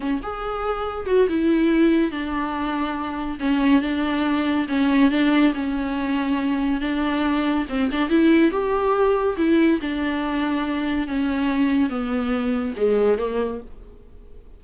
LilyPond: \new Staff \with { instrumentName = "viola" } { \time 4/4 \tempo 4 = 141 cis'8 gis'2 fis'8 e'4~ | e'4 d'2. | cis'4 d'2 cis'4 | d'4 cis'2. |
d'2 c'8 d'8 e'4 | g'2 e'4 d'4~ | d'2 cis'2 | b2 gis4 ais4 | }